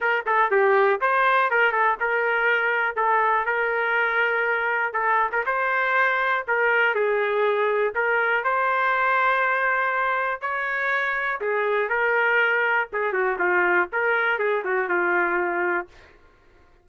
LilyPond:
\new Staff \with { instrumentName = "trumpet" } { \time 4/4 \tempo 4 = 121 ais'8 a'8 g'4 c''4 ais'8 a'8 | ais'2 a'4 ais'4~ | ais'2 a'8. ais'16 c''4~ | c''4 ais'4 gis'2 |
ais'4 c''2.~ | c''4 cis''2 gis'4 | ais'2 gis'8 fis'8 f'4 | ais'4 gis'8 fis'8 f'2 | }